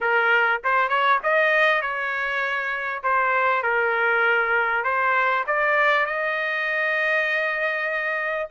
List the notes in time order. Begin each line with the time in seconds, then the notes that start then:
0.01 A#4
0.64 C5
0.88 C#5
1.23 D#5
1.81 C#5
3.03 C5
3.63 A#4
4.83 C5
5.46 D5
6.06 D#5